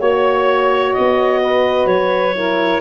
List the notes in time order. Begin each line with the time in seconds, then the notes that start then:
0.00 A#3 F#4 C#5
0.94 B3 D#5
1.42 B4
1.86 F#3 C#5
2.36 E4 A#4